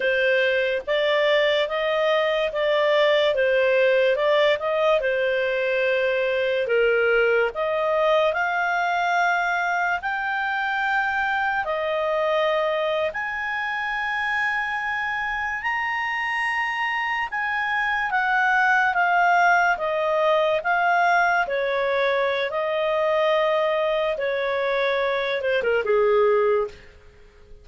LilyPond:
\new Staff \with { instrumentName = "clarinet" } { \time 4/4 \tempo 4 = 72 c''4 d''4 dis''4 d''4 | c''4 d''8 dis''8 c''2 | ais'4 dis''4 f''2 | g''2 dis''4.~ dis''16 gis''16~ |
gis''2~ gis''8. ais''4~ ais''16~ | ais''8. gis''4 fis''4 f''4 dis''16~ | dis''8. f''4 cis''4~ cis''16 dis''4~ | dis''4 cis''4. c''16 ais'16 gis'4 | }